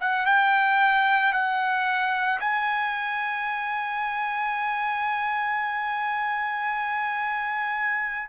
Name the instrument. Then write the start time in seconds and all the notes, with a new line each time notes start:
trumpet
0.00 F#5
0.25 G5
1.32 F#5
2.40 G#5